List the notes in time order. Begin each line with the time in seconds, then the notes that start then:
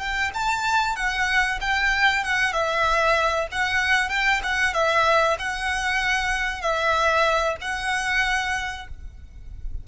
0.00 G5
0.34 A5
0.96 F#5
1.61 G5
2.24 F#5
2.53 E5
3.52 F#5
4.10 G5
4.44 F#5
4.74 E5
5.39 F#5
6.62 E5
7.62 F#5